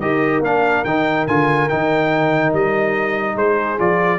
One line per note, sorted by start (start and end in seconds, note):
0.00 0.40 D#4
0.00 0.43 G4
0.00 3.36 A#4
0.00 0.42 D#5
0.40 0.82 A#3
0.40 0.85 D4
0.40 0.84 F5
0.84 1.26 D#3
0.84 1.28 D#4
0.84 1.26 G5
1.27 1.69 D3
1.27 1.70 F4
1.27 1.69 G#5
1.69 2.53 D#3
1.69 3.78 D#4
1.69 2.53 G5
2.53 3.35 G3
2.53 3.37 D#5
3.35 3.77 G#3
3.35 4.19 G#4
3.35 3.79 C5
3.78 4.19 F3
3.78 4.19 F4
3.78 4.19 D5